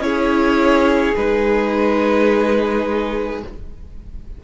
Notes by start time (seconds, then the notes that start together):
0.00 C#4 E4 G#4 C#5
1.16 G#3 D#4 B4